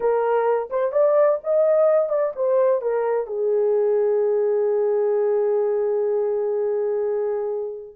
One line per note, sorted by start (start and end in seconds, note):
0.00 0.69 A#4
0.69 0.92 C5
0.92 1.38 D5
1.43 2.09 D#5
2.09 2.32 D5
2.35 2.81 C5
2.81 3.26 A#4
3.26 7.95 G#4